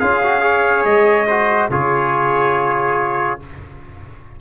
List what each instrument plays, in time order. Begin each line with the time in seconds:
0.00 tuba C#4, trombone F4, trumpet G#4 F5
0.23 trombone F#4
0.41 trombone G#4, trumpet C#5
0.85 tuba G#3, trumpet D#5
1.28 trombone F#4, trumpet C5
1.70 tuba C#3, trombone F4, trumpet G#4 C#5